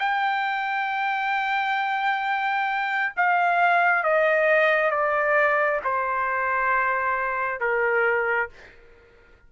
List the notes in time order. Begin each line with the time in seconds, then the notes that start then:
0.00 G5
3.17 F5
4.04 D#5
4.91 D5
5.85 C5
7.60 A#4